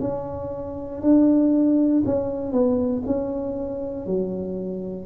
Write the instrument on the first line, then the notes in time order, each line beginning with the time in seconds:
tuba
0.00 C#4
1.02 D4
2.06 C#4
2.52 B3
3.06 C#4
4.07 F#3